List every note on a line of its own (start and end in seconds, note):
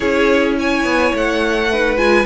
0.00 0.84 C#4
0.00 1.68 E4
0.00 0.57 G#4
0.00 0.54 C#5
0.58 1.70 C#5
0.58 1.15 G#5
0.84 1.12 B3
1.13 1.96 A3
1.13 1.97 F#5
1.70 1.97 D#4
1.70 2.26 B4
1.96 2.24 G#3
1.96 2.25 F4
1.96 2.26 G#5